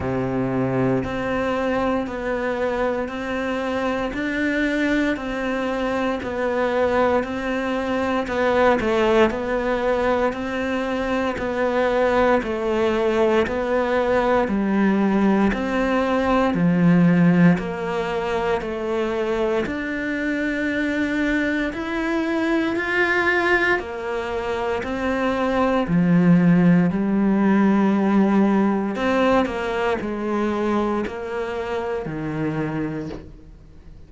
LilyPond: \new Staff \with { instrumentName = "cello" } { \time 4/4 \tempo 4 = 58 c4 c'4 b4 c'4 | d'4 c'4 b4 c'4 | b8 a8 b4 c'4 b4 | a4 b4 g4 c'4 |
f4 ais4 a4 d'4~ | d'4 e'4 f'4 ais4 | c'4 f4 g2 | c'8 ais8 gis4 ais4 dis4 | }